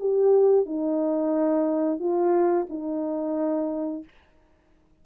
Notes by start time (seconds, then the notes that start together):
0.00 G4
0.66 D#4
1.99 F4
2.70 D#4